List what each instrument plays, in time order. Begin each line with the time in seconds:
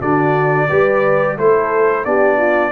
0.00 tuba D3, trombone D4, horn F#4, trumpet D5
0.69 tuba G3, trombone G4, horn B4
1.37 tuba A3, trombone E4, horn A4, trumpet C5
2.05 tuba B3, trombone D4, horn G4, trumpet D5
2.37 horn F4